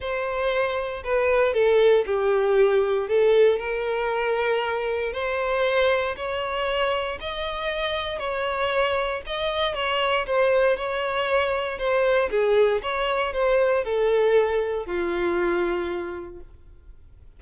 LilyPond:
\new Staff \with { instrumentName = "violin" } { \time 4/4 \tempo 4 = 117 c''2 b'4 a'4 | g'2 a'4 ais'4~ | ais'2 c''2 | cis''2 dis''2 |
cis''2 dis''4 cis''4 | c''4 cis''2 c''4 | gis'4 cis''4 c''4 a'4~ | a'4 f'2. | }